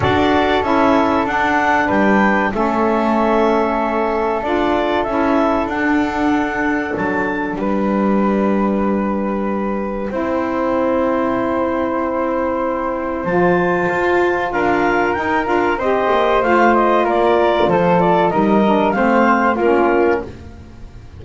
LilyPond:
<<
  \new Staff \with { instrumentName = "clarinet" } { \time 4/4 \tempo 4 = 95 d''4 e''4 fis''4 g''4 | e''2. d''4 | e''4 fis''2 a''4 | g''1~ |
g''1~ | g''4 a''2 f''4 | g''8 f''8 dis''4 f''8 dis''8 d''4 | c''8 d''8 dis''4 f''4 ais'4 | }
  \new Staff \with { instrumentName = "flute" } { \time 4/4 a'2. b'4 | a'1~ | a'1 | b'1 |
c''1~ | c''2. ais'4~ | ais'4 c''2 ais'4 | a'4 ais'4 c''4 f'4 | }
  \new Staff \with { instrumentName = "saxophone" } { \time 4/4 fis'4 e'4 d'2 | cis'2. f'4 | e'4 d'2.~ | d'1 |
e'1~ | e'4 f'2. | dis'8 f'8 g'4 f'2~ | f'4 dis'8 d'8 c'4 cis'4 | }
  \new Staff \with { instrumentName = "double bass" } { \time 4/4 d'4 cis'4 d'4 g4 | a2. d'4 | cis'4 d'2 fis4 | g1 |
c'1~ | c'4 f4 f'4 d'4 | dis'8 d'8 c'8 ais8 a4 ais4 | f4 g4 a4 ais4 | }
>>